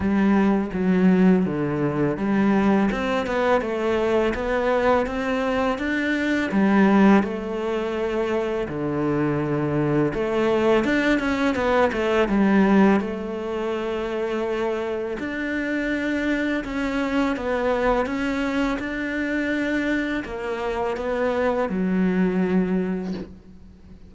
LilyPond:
\new Staff \with { instrumentName = "cello" } { \time 4/4 \tempo 4 = 83 g4 fis4 d4 g4 | c'8 b8 a4 b4 c'4 | d'4 g4 a2 | d2 a4 d'8 cis'8 |
b8 a8 g4 a2~ | a4 d'2 cis'4 | b4 cis'4 d'2 | ais4 b4 fis2 | }